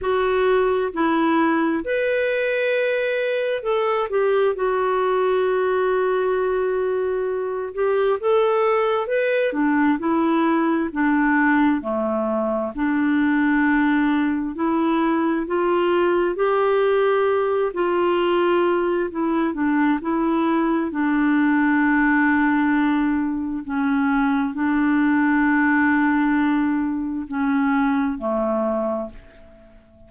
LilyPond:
\new Staff \with { instrumentName = "clarinet" } { \time 4/4 \tempo 4 = 66 fis'4 e'4 b'2 | a'8 g'8 fis'2.~ | fis'8 g'8 a'4 b'8 d'8 e'4 | d'4 a4 d'2 |
e'4 f'4 g'4. f'8~ | f'4 e'8 d'8 e'4 d'4~ | d'2 cis'4 d'4~ | d'2 cis'4 a4 | }